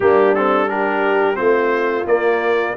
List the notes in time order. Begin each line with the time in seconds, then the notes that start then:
0.00 G3 A#3 D4 G4
0.34 C4 A4
0.67 D4 G4 A#4
1.34 A3 C4 F4 C5
2.05 A#3 D5